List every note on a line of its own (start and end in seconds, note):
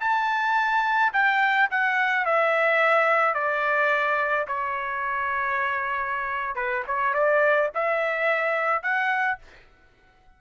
0.00 1.12 A5
1.13 1.69 G5
1.71 2.25 F#5
2.25 3.34 E5
3.34 4.46 D5
4.47 6.55 C#5
6.55 6.83 B4
6.87 7.14 C#5
7.14 7.70 D5
7.74 8.82 E5
8.82 9.38 F#5